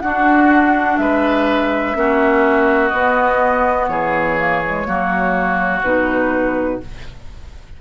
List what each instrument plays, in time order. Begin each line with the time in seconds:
0.00 bassoon D4, clarinet D4, oboe F#4, flute F#5
0.97 bassoon G#3, oboe B4, flute E5
1.94 bassoon A#3, clarinet C#4, oboe F#4
2.88 bassoon B3, clarinet B3, flute D#5
3.87 bassoon E3, oboe G#4, flute C#5
4.38 clarinet A#3
4.65 clarinet G#3
4.86 bassoon F#3, clarinet A#3, oboe F#4
5.82 bassoon B2, clarinet D#4, flute B4